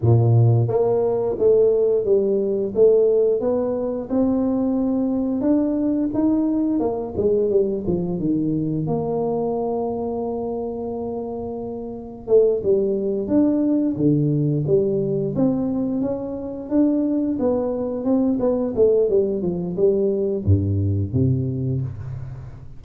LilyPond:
\new Staff \with { instrumentName = "tuba" } { \time 4/4 \tempo 4 = 88 ais,4 ais4 a4 g4 | a4 b4 c'2 | d'4 dis'4 ais8 gis8 g8 f8 | dis4 ais2.~ |
ais2 a8 g4 d'8~ | d'8 d4 g4 c'4 cis'8~ | cis'8 d'4 b4 c'8 b8 a8 | g8 f8 g4 g,4 c4 | }